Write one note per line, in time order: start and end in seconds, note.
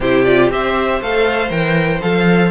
0.00 0.50 C3
0.00 0.26 E4
0.00 0.51 G4
0.00 0.24 C5
0.24 0.50 F4
0.24 0.50 D5
0.50 1.00 C4
0.50 1.01 G4
0.50 2.51 C5
0.50 1.01 E5
1.01 1.50 A3
1.01 1.49 A4
1.01 1.50 F5
1.49 2.00 E3
1.49 2.00 A#4
1.49 2.01 G5
2.01 2.51 F3
2.01 2.51 A4
2.01 2.51 F5